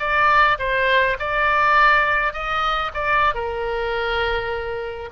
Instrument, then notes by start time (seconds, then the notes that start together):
oboe
0.00 D5
0.59 C5
1.20 D5
2.33 D#5
2.94 D5
3.35 A#4